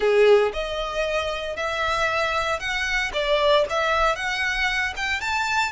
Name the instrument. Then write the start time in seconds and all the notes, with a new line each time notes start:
violin
0.00 G#4
0.53 D#5
1.56 E5
2.59 F#5
3.13 D5
3.69 E5
4.15 F#5
4.96 G5
5.21 A5